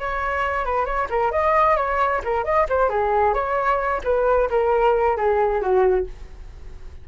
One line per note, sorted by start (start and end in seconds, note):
0.00 0.65 C#5
0.65 0.86 B4
0.86 1.08 C#5
1.10 1.32 A#4
1.32 1.77 D#5
1.77 2.22 C#5
2.25 2.45 A#4
2.45 2.67 D#5
2.69 2.90 C5
2.90 3.34 G#4
3.34 4.02 C#5
4.04 4.49 B4
4.50 5.17 A#4
5.17 5.62 G#4
5.62 6.07 F#4